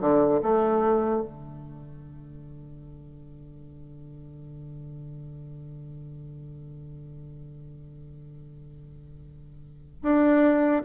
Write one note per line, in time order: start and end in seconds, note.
0.00 0.40 D3
0.42 1.22 A3
1.22 10.02 D3
10.02 10.82 D4